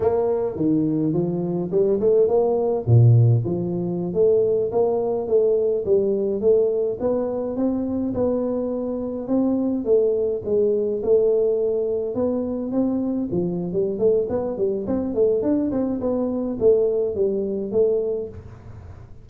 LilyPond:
\new Staff \with { instrumentName = "tuba" } { \time 4/4 \tempo 4 = 105 ais4 dis4 f4 g8 a8 | ais4 ais,4 f4~ f16 a8.~ | a16 ais4 a4 g4 a8.~ | a16 b4 c'4 b4.~ b16~ |
b16 c'4 a4 gis4 a8.~ | a4~ a16 b4 c'4 f8. | g8 a8 b8 g8 c'8 a8 d'8 c'8 | b4 a4 g4 a4 | }